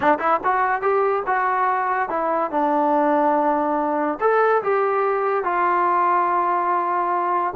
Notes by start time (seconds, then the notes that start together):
0.00 D4
0.19 E4
0.43 F#4
0.81 G4
1.26 F#4
2.09 E4
2.50 D4
4.20 A4
4.62 G4
5.44 F4